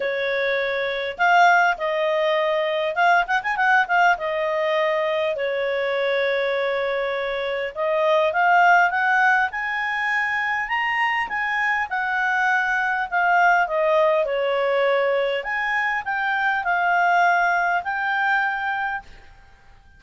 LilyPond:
\new Staff \with { instrumentName = "clarinet" } { \time 4/4 \tempo 4 = 101 cis''2 f''4 dis''4~ | dis''4 f''8 fis''16 gis''16 fis''8 f''8 dis''4~ | dis''4 cis''2.~ | cis''4 dis''4 f''4 fis''4 |
gis''2 ais''4 gis''4 | fis''2 f''4 dis''4 | cis''2 gis''4 g''4 | f''2 g''2 | }